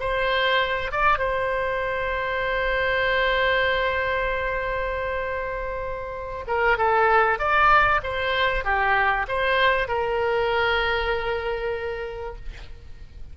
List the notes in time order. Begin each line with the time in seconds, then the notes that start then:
0.00 C5
0.91 D5
1.18 C5
6.47 A#4
6.78 A4
7.39 D5
8.03 C5
8.65 G4
9.28 C5
9.88 A#4